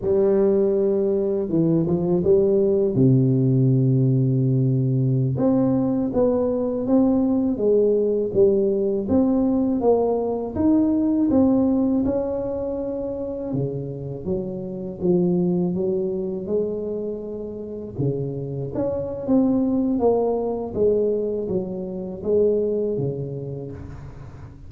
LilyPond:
\new Staff \with { instrumentName = "tuba" } { \time 4/4 \tempo 4 = 81 g2 e8 f8 g4 | c2.~ c16 c'8.~ | c'16 b4 c'4 gis4 g8.~ | g16 c'4 ais4 dis'4 c'8.~ |
c'16 cis'2 cis4 fis8.~ | fis16 f4 fis4 gis4.~ gis16~ | gis16 cis4 cis'8. c'4 ais4 | gis4 fis4 gis4 cis4 | }